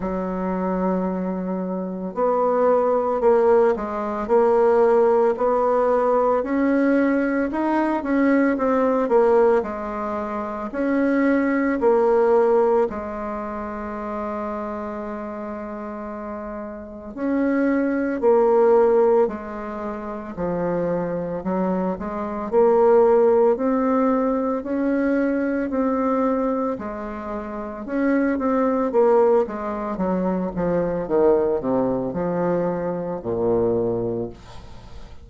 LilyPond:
\new Staff \with { instrumentName = "bassoon" } { \time 4/4 \tempo 4 = 56 fis2 b4 ais8 gis8 | ais4 b4 cis'4 dis'8 cis'8 | c'8 ais8 gis4 cis'4 ais4 | gis1 |
cis'4 ais4 gis4 f4 | fis8 gis8 ais4 c'4 cis'4 | c'4 gis4 cis'8 c'8 ais8 gis8 | fis8 f8 dis8 c8 f4 ais,4 | }